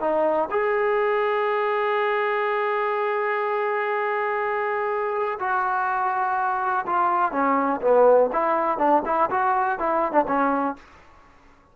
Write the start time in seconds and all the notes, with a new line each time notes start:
0.00 D#4
0.50 G#4
5.39 F#4
6.86 F4
7.31 C#4
7.81 B3
8.32 E4
8.78 D4
9.05 E4
9.30 F#4
9.78 E4
10.12 D4
10.27 C#4